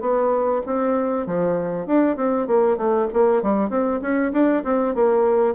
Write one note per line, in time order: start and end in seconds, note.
0.00 0.61 B3
0.65 1.26 C4
1.26 1.86 F3
1.86 2.16 D4
2.16 2.47 C4
2.47 2.77 A#3
2.77 3.08 A3
3.13 3.42 A#3
3.42 3.70 G3
3.70 4.00 C4
4.01 4.32 C#4
4.32 4.63 D4
4.64 4.94 C4
4.94 5.55 A#3